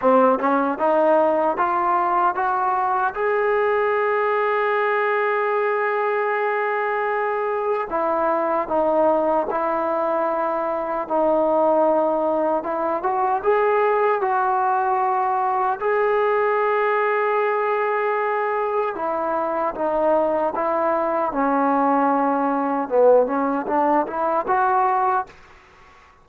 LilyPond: \new Staff \with { instrumentName = "trombone" } { \time 4/4 \tempo 4 = 76 c'8 cis'8 dis'4 f'4 fis'4 | gis'1~ | gis'2 e'4 dis'4 | e'2 dis'2 |
e'8 fis'8 gis'4 fis'2 | gis'1 | e'4 dis'4 e'4 cis'4~ | cis'4 b8 cis'8 d'8 e'8 fis'4 | }